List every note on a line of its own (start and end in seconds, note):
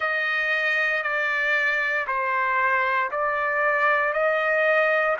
0.00 1.03 D#5
1.03 2.06 D5
2.07 3.10 C5
3.11 4.13 D5
4.13 5.16 D#5